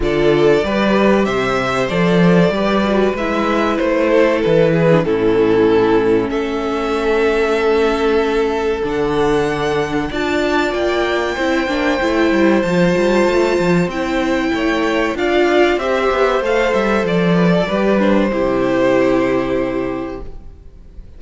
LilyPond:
<<
  \new Staff \with { instrumentName = "violin" } { \time 4/4 \tempo 4 = 95 d''2 e''4 d''4~ | d''4 e''4 c''4 b'4 | a'2 e''2~ | e''2 fis''2 |
a''4 g''2. | a''2 g''2 | f''4 e''4 f''8 e''8 d''4~ | d''8 c''2.~ c''8 | }
  \new Staff \with { instrumentName = "violin" } { \time 4/4 a'4 b'4 c''2 | b'2~ b'8 a'4 gis'8 | e'2 a'2~ | a'1 |
d''2 c''2~ | c''2. cis''4 | d''4 c''2~ c''8 b'16 a'16 | b'4 g'2. | }
  \new Staff \with { instrumentName = "viola" } { \time 4/4 f'4 g'2 a'4 | g'8 fis'8 e'2~ e'8. d'16 | cis'1~ | cis'2 d'2 |
f'2 e'8 d'8 e'4 | f'2 e'2 | f'4 g'4 a'2 | g'8 d'8 e'2. | }
  \new Staff \with { instrumentName = "cello" } { \time 4/4 d4 g4 c4 f4 | g4 gis4 a4 e4 | a,2 a2~ | a2 d2 |
d'4 ais4 c'8 ais8 a8 g8 | f8 g8 a8 f8 c'4 a4 | d'4 c'8 b8 a8 g8 f4 | g4 c2. | }
>>